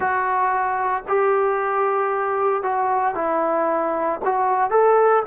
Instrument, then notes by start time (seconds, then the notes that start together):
trombone
0.00 F#4
1.08 G4
2.63 F#4
3.14 E4
4.24 F#4
4.70 A4